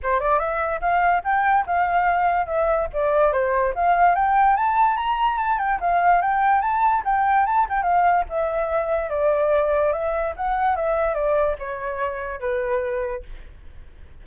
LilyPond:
\new Staff \with { instrumentName = "flute" } { \time 4/4 \tempo 4 = 145 c''8 d''8 e''4 f''4 g''4 | f''2 e''4 d''4 | c''4 f''4 g''4 a''4 | ais''4 a''8 g''8 f''4 g''4 |
a''4 g''4 a''8 g''8 f''4 | e''2 d''2 | e''4 fis''4 e''4 d''4 | cis''2 b'2 | }